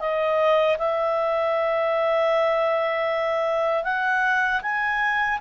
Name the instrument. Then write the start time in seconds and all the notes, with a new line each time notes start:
clarinet
0.00 D#5
0.78 E5
3.84 F#5
4.62 G#5